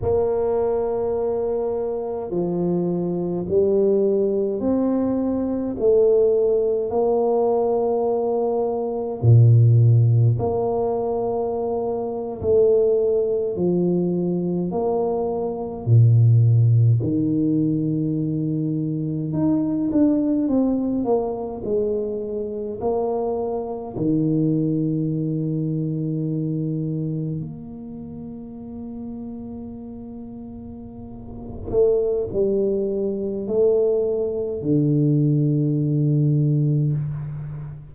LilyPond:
\new Staff \with { instrumentName = "tuba" } { \time 4/4 \tempo 4 = 52 ais2 f4 g4 | c'4 a4 ais2 | ais,4 ais4.~ ais16 a4 f16~ | f8. ais4 ais,4 dis4~ dis16~ |
dis8. dis'8 d'8 c'8 ais8 gis4 ais16~ | ais8. dis2. ais16~ | ais2.~ ais8 a8 | g4 a4 d2 | }